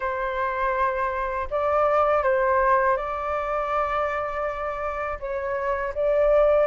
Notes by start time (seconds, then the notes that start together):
0.00 C5
1.50 D5
2.23 C5
2.96 D5
5.19 C#5
5.94 D5